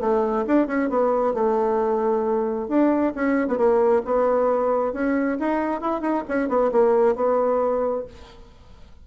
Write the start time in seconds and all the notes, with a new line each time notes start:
0.00 A3
0.47 D4
0.67 C#4
0.89 B3
1.34 A3
2.68 D4
3.15 C#4
3.47 B3
3.57 A#3
4.05 B3
4.93 C#4
5.39 D#4
5.81 E4
6.01 D#4
6.28 C#4
6.48 B3
6.71 A#3
7.15 B3